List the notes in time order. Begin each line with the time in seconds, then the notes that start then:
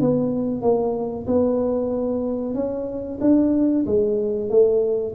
0.00 B3
0.61 A#3
1.27 B3
2.54 C#4
3.20 D4
3.85 G#3
4.49 A3